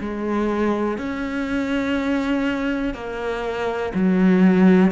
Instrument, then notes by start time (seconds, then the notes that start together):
cello
0.00 G#3
0.98 C#4
2.94 A#3
3.94 F#3